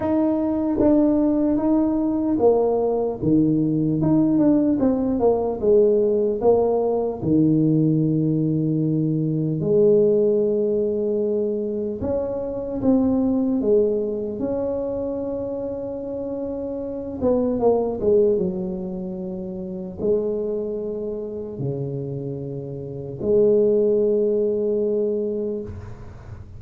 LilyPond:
\new Staff \with { instrumentName = "tuba" } { \time 4/4 \tempo 4 = 75 dis'4 d'4 dis'4 ais4 | dis4 dis'8 d'8 c'8 ais8 gis4 | ais4 dis2. | gis2. cis'4 |
c'4 gis4 cis'2~ | cis'4. b8 ais8 gis8 fis4~ | fis4 gis2 cis4~ | cis4 gis2. | }